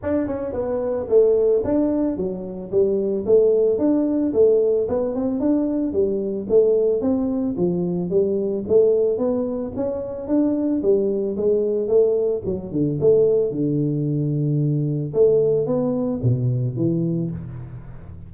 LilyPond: \new Staff \with { instrumentName = "tuba" } { \time 4/4 \tempo 4 = 111 d'8 cis'8 b4 a4 d'4 | fis4 g4 a4 d'4 | a4 b8 c'8 d'4 g4 | a4 c'4 f4 g4 |
a4 b4 cis'4 d'4 | g4 gis4 a4 fis8 d8 | a4 d2. | a4 b4 b,4 e4 | }